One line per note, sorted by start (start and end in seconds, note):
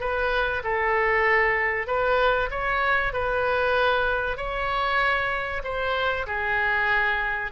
0.00 0.62 B4
0.64 1.87 A4
1.87 2.50 B4
2.51 3.13 C#5
3.13 4.37 B4
4.37 5.62 C#5
5.64 6.26 C5
6.26 7.51 G#4